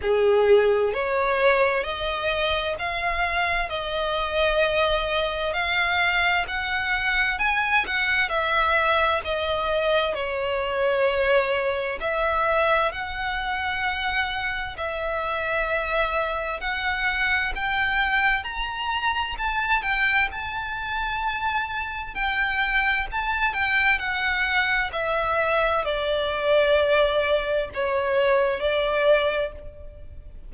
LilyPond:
\new Staff \with { instrumentName = "violin" } { \time 4/4 \tempo 4 = 65 gis'4 cis''4 dis''4 f''4 | dis''2 f''4 fis''4 | gis''8 fis''8 e''4 dis''4 cis''4~ | cis''4 e''4 fis''2 |
e''2 fis''4 g''4 | ais''4 a''8 g''8 a''2 | g''4 a''8 g''8 fis''4 e''4 | d''2 cis''4 d''4 | }